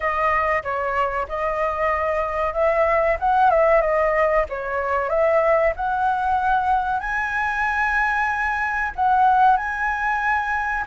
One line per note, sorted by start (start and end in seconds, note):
0.00 0.62 D#5
0.63 1.26 C#5
1.28 2.53 D#5
2.53 3.17 E5
3.19 3.50 F#5
3.50 3.81 E5
3.81 4.45 D#5
4.49 5.09 C#5
5.09 5.73 E5
5.76 7.00 F#5
7.00 8.91 G#5
8.95 9.56 F#5
9.56 10.84 G#5